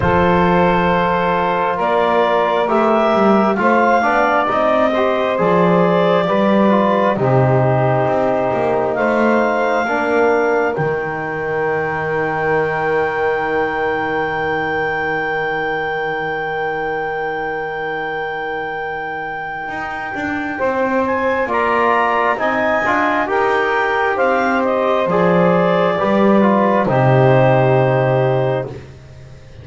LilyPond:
<<
  \new Staff \with { instrumentName = "clarinet" } { \time 4/4 \tempo 4 = 67 c''2 d''4 e''4 | f''4 dis''4 d''2 | c''2 f''2 | g''1~ |
g''1~ | g''2.~ g''8 gis''8 | ais''4 gis''4 g''4 f''8 dis''8 | d''2 c''2 | }
  \new Staff \with { instrumentName = "saxophone" } { \time 4/4 a'2 ais'2 | c''8 d''4 c''4. b'4 | g'2 c''4 ais'4~ | ais'1~ |
ais'1~ | ais'2. c''4 | d''4 dis''4 ais'4 c''4~ | c''4 b'4 g'2 | }
  \new Staff \with { instrumentName = "trombone" } { \time 4/4 f'2. g'4 | f'8 d'8 dis'8 g'8 gis'4 g'8 f'8 | dis'2. d'4 | dis'1~ |
dis'1~ | dis'1 | f'4 dis'8 f'8 g'2 | gis'4 g'8 f'8 dis'2 | }
  \new Staff \with { instrumentName = "double bass" } { \time 4/4 f2 ais4 a8 g8 | a8 b8 c'4 f4 g4 | c4 c'8 ais8 a4 ais4 | dis1~ |
dis1~ | dis2 dis'8 d'8 c'4 | ais4 c'8 d'8 dis'4 c'4 | f4 g4 c2 | }
>>